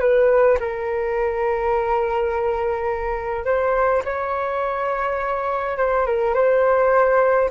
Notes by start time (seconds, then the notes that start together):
0.00 B4
0.60 A#4
3.45 C5
4.04 C#5
5.77 C5
6.06 A#4
6.34 C5